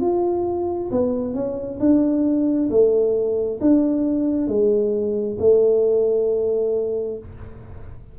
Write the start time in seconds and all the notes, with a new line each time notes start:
0.00 F4
0.91 B3
1.34 C#4
1.79 D4
2.69 A3
3.60 D4
4.47 G#3
5.39 A3